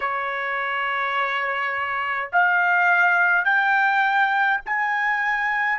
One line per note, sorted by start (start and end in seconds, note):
0.00 2.30 C#5
2.32 3.45 F5
3.45 4.60 G5
4.65 5.78 G#5